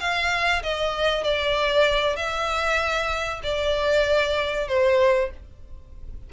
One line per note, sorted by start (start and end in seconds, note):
0.00 0.62 F5
0.63 1.24 D#5
1.24 2.16 D5
2.16 3.41 E5
3.43 4.68 D5
4.68 5.30 C5